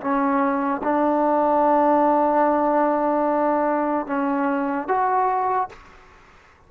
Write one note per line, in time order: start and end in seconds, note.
0.00 0.81 C#4
0.83 4.06 D4
4.06 4.87 C#4
4.88 5.69 F#4